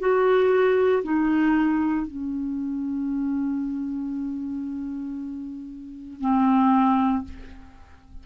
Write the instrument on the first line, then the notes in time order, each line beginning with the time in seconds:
clarinet
0.00 F#4
1.03 D#4
2.07 C#4
6.21 C4